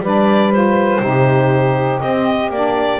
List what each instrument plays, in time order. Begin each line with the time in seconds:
0.00 double bass G3, saxophone D4 B4, clarinet D5
0.53 saxophone F4, clarinet C5
1.01 double bass C3, saxophone D#4 G4
2.00 saxophone C4, double bass C4, clarinet D#5
2.50 double bass A#3, saxophone D4, clarinet D5